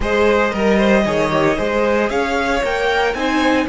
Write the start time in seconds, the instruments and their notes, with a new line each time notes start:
0.00 cello G#3, viola G#4, violin C5 D#5
0.50 cello G3, viola A#4, violin A#4
0.77 violin C5
1.05 cello D#3, viola G#4, violin C#5
1.30 viola G4
1.57 cello G#3, viola G#4, violin C5
2.09 cello C#4, violin C#5 F5
2.63 cello A#3, viola A#4, violin G5
3.13 cello C4, viola D#4, violin C5 G#5